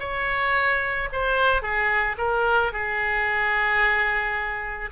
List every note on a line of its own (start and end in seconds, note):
0.00 1.09 C#5
1.13 1.62 C5
1.62 2.17 G#4
2.18 2.73 A#4
2.73 4.91 G#4